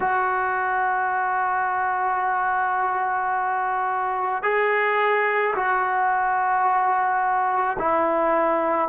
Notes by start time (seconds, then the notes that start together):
0.00 F#4
4.42 G#4
5.55 F#4
7.78 E4